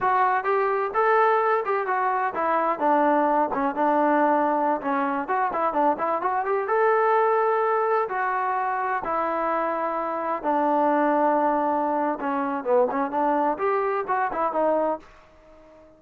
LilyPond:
\new Staff \with { instrumentName = "trombone" } { \time 4/4 \tempo 4 = 128 fis'4 g'4 a'4. g'8 | fis'4 e'4 d'4. cis'8 | d'2~ d'16 cis'4 fis'8 e'16~ | e'16 d'8 e'8 fis'8 g'8 a'4.~ a'16~ |
a'4~ a'16 fis'2 e'8.~ | e'2~ e'16 d'4.~ d'16~ | d'2 cis'4 b8 cis'8 | d'4 g'4 fis'8 e'8 dis'4 | }